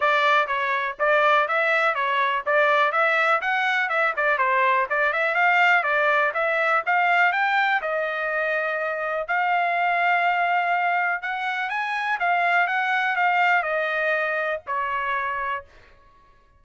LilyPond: \new Staff \with { instrumentName = "trumpet" } { \time 4/4 \tempo 4 = 123 d''4 cis''4 d''4 e''4 | cis''4 d''4 e''4 fis''4 | e''8 d''8 c''4 d''8 e''8 f''4 | d''4 e''4 f''4 g''4 |
dis''2. f''4~ | f''2. fis''4 | gis''4 f''4 fis''4 f''4 | dis''2 cis''2 | }